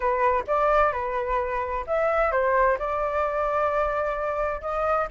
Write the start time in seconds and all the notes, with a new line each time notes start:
0.00 B4
0.47 D5
0.92 B4
1.87 E5
2.31 C5
2.78 D5
4.61 D#5